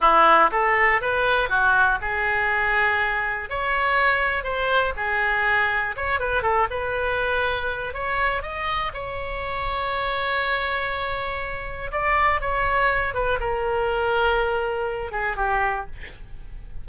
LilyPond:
\new Staff \with { instrumentName = "oboe" } { \time 4/4 \tempo 4 = 121 e'4 a'4 b'4 fis'4 | gis'2. cis''4~ | cis''4 c''4 gis'2 | cis''8 b'8 a'8 b'2~ b'8 |
cis''4 dis''4 cis''2~ | cis''1 | d''4 cis''4. b'8 ais'4~ | ais'2~ ais'8 gis'8 g'4 | }